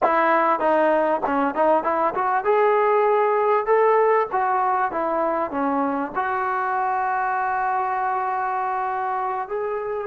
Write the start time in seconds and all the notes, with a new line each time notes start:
0.02 E4
0.59 D#4
1.26 C#4
1.54 D#4
1.83 E4
2.14 F#4
2.44 G#4
3.66 A4
4.32 F#4
4.91 E4
5.50 C#4
6.15 F#4
9.48 G#4